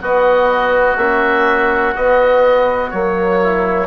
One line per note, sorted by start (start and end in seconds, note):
0.00 0.97 B3
0.00 3.39 F#4
0.00 0.97 D#5
0.97 1.94 A#3
0.97 1.95 C#4
0.97 1.94 E5
1.95 2.91 B3
1.95 2.93 B3
1.95 2.90 D#5
2.90 3.87 F#3
2.90 3.87 A#3
2.90 3.87 C#5
3.42 3.87 E4